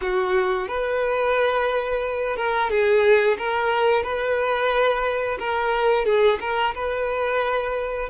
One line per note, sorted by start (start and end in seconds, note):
0.01 0.67 F#4
0.67 2.36 B4
2.36 2.70 A#4
2.70 3.37 G#4
3.38 4.03 A#4
4.03 5.38 B4
5.39 6.05 A#4
6.05 6.39 G#4
6.40 6.74 A#4
6.74 8.09 B4